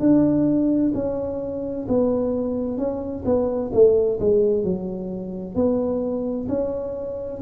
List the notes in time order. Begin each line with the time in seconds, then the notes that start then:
0.00 D4
0.94 C#4
1.88 B3
2.78 C#4
3.25 B3
3.73 A3
4.20 G#3
4.64 F#3
5.56 B3
6.49 C#4